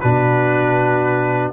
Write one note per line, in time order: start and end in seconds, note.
0.00 1.52 B2
0.00 1.52 D4
0.00 1.52 F#4
0.00 1.52 B4